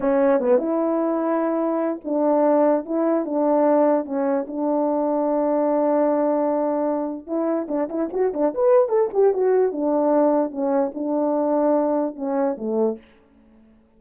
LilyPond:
\new Staff \with { instrumentName = "horn" } { \time 4/4 \tempo 4 = 148 cis'4 b8 e'2~ e'8~ | e'4 d'2 e'4 | d'2 cis'4 d'4~ | d'1~ |
d'2 e'4 d'8 e'8 | fis'8 d'8 b'4 a'8 g'8 fis'4 | d'2 cis'4 d'4~ | d'2 cis'4 a4 | }